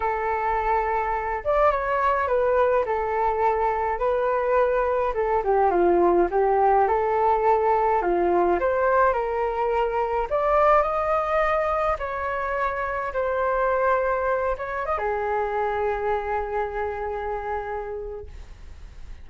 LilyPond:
\new Staff \with { instrumentName = "flute" } { \time 4/4 \tempo 4 = 105 a'2~ a'8 d''8 cis''4 | b'4 a'2 b'4~ | b'4 a'8 g'8 f'4 g'4 | a'2 f'4 c''4 |
ais'2 d''4 dis''4~ | dis''4 cis''2 c''4~ | c''4. cis''8 dis''16 gis'4.~ gis'16~ | gis'1 | }